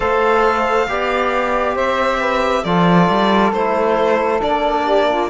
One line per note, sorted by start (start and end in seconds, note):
0.00 0.87 A3
0.00 0.87 A4
0.00 0.88 C5
0.00 1.77 F5
0.88 1.75 B3
0.88 2.65 G4
0.88 1.74 D5
1.74 2.64 C4
1.74 2.18 C5
1.74 2.63 E5
2.19 2.63 B4
2.63 3.08 F3
2.63 3.54 F4
2.63 4.83 A4
2.63 3.52 D5
3.09 3.52 G3
3.52 4.40 A3
3.52 4.40 E4
3.52 4.40 C5
4.40 5.29 A#3
4.40 5.29 D4
4.40 5.29 D5
4.83 5.05 G4
5.08 5.29 F4